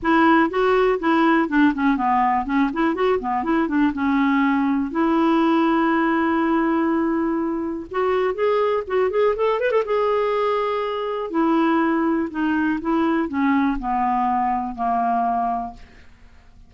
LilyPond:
\new Staff \with { instrumentName = "clarinet" } { \time 4/4 \tempo 4 = 122 e'4 fis'4 e'4 d'8 cis'8 | b4 cis'8 e'8 fis'8 b8 e'8 d'8 | cis'2 e'2~ | e'1 |
fis'4 gis'4 fis'8 gis'8 a'8 b'16 a'16 | gis'2. e'4~ | e'4 dis'4 e'4 cis'4 | b2 ais2 | }